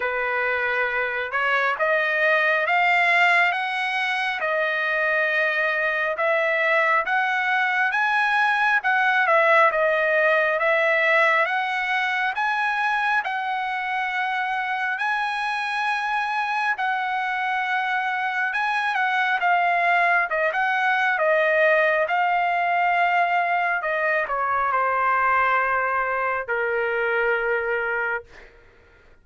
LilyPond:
\new Staff \with { instrumentName = "trumpet" } { \time 4/4 \tempo 4 = 68 b'4. cis''8 dis''4 f''4 | fis''4 dis''2 e''4 | fis''4 gis''4 fis''8 e''8 dis''4 | e''4 fis''4 gis''4 fis''4~ |
fis''4 gis''2 fis''4~ | fis''4 gis''8 fis''8 f''4 dis''16 fis''8. | dis''4 f''2 dis''8 cis''8 | c''2 ais'2 | }